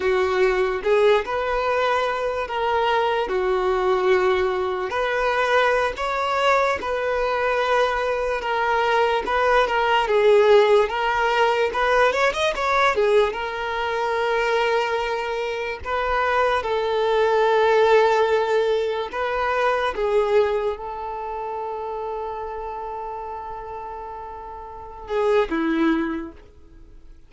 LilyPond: \new Staff \with { instrumentName = "violin" } { \time 4/4 \tempo 4 = 73 fis'4 gis'8 b'4. ais'4 | fis'2 b'4~ b'16 cis''8.~ | cis''16 b'2 ais'4 b'8 ais'16~ | ais'16 gis'4 ais'4 b'8 cis''16 dis''16 cis''8 gis'16~ |
gis'16 ais'2. b'8.~ | b'16 a'2. b'8.~ | b'16 gis'4 a'2~ a'8.~ | a'2~ a'8 gis'8 e'4 | }